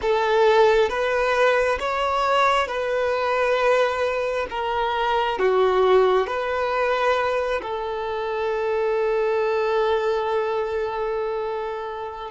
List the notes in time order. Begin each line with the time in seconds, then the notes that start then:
0.01 A4
0.89 B4
1.79 C#5
2.67 B4
4.50 A#4
5.38 F#4
6.26 B4
7.62 A4